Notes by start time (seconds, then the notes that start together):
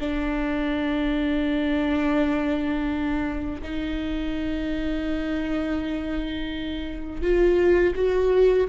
0.00 D4
3.62 D#4
7.22 F4
7.95 F#4